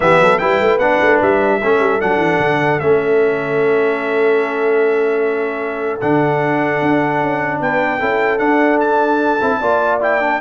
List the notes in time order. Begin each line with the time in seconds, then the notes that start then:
0.00 E3 B3 G4 E5
0.20 F#3 A4
0.38 G3 E4 B4 G5
0.60 A3
0.78 B3 D4 F#5
1.00 A3
1.22 G3 E5
1.62 A3 C#4 A4
1.79 G3
2.00 F#3 D4 F#5
2.16 E3
2.39 D3
2.79 A3 C#4 E5
6.00 D3 D4 F#5
6.81 D4
7.20 C#4
7.60 B3 B4 G5
7.99 C#4 E4 A4
8.38 D4 F#5
8.79 A5
9.41 C4 E4
9.60 A#3 F4 D5
10.00 E4 G5
10.20 D4